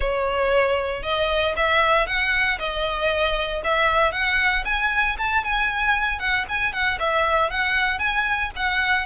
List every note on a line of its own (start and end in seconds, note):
0.00 1.03 C#5
1.03 1.54 D#5
1.56 2.06 E5
2.06 2.58 F#5
2.58 3.62 D#5
3.63 4.12 E5
4.12 4.63 F#5
4.64 5.16 G#5
5.17 5.43 A5
5.44 6.19 G#5
6.19 6.45 F#5
6.48 6.72 G#5
6.72 6.98 F#5
6.99 7.50 E5
7.50 7.98 F#5
7.98 8.50 G#5
8.56 9.06 F#5